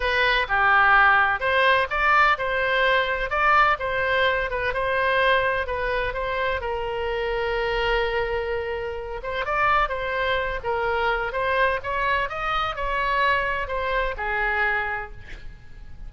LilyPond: \new Staff \with { instrumentName = "oboe" } { \time 4/4 \tempo 4 = 127 b'4 g'2 c''4 | d''4 c''2 d''4 | c''4. b'8 c''2 | b'4 c''4 ais'2~ |
ais'2.~ ais'8 c''8 | d''4 c''4. ais'4. | c''4 cis''4 dis''4 cis''4~ | cis''4 c''4 gis'2 | }